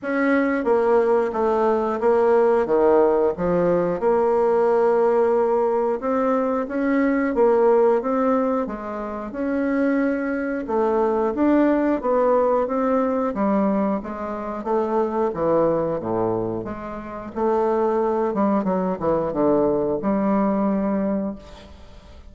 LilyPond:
\new Staff \with { instrumentName = "bassoon" } { \time 4/4 \tempo 4 = 90 cis'4 ais4 a4 ais4 | dis4 f4 ais2~ | ais4 c'4 cis'4 ais4 | c'4 gis4 cis'2 |
a4 d'4 b4 c'4 | g4 gis4 a4 e4 | a,4 gis4 a4. g8 | fis8 e8 d4 g2 | }